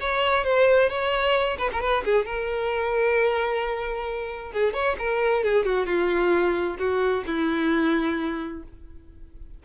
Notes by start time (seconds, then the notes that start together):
0.00 C#5
0.44 C5
0.89 C#5
1.58 B4
1.73 A#4
1.81 B4
2.05 G#4
2.26 A#4
4.52 G#4
4.73 C#5
4.98 A#4
5.44 G#4
5.65 F#4
5.86 F4
6.79 F#4
7.27 E4